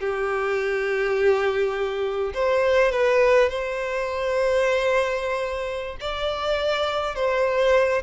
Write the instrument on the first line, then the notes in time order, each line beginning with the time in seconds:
violin
0.00 G4
2.34 C5
2.92 B4
3.49 C5
6.00 D5
7.15 C5